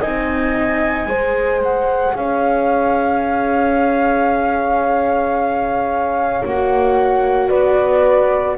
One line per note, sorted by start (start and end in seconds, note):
0.00 1.06 C4
0.00 1.08 D#4
0.00 1.08 D#5
0.00 1.61 G#5
1.06 2.13 G#3
1.06 6.44 G#4
1.06 2.16 C5
1.62 2.16 F#5
2.14 6.42 C#4
2.14 7.49 C#5
2.14 6.45 F5
6.44 7.51 A#3
6.44 8.57 F#4
6.44 7.49 F#5
7.49 8.57 B3
7.49 8.56 B4
7.49 8.56 D5